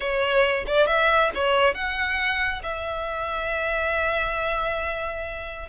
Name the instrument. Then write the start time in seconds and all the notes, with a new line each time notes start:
violin
0.00 C#5
0.66 D5
0.87 E5
1.35 C#5
1.74 F#5
2.63 E5